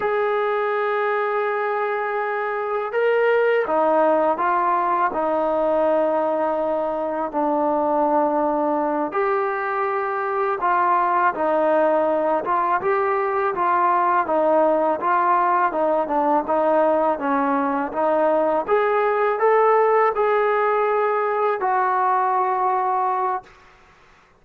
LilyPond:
\new Staff \with { instrumentName = "trombone" } { \time 4/4 \tempo 4 = 82 gis'1 | ais'4 dis'4 f'4 dis'4~ | dis'2 d'2~ | d'8 g'2 f'4 dis'8~ |
dis'4 f'8 g'4 f'4 dis'8~ | dis'8 f'4 dis'8 d'8 dis'4 cis'8~ | cis'8 dis'4 gis'4 a'4 gis'8~ | gis'4. fis'2~ fis'8 | }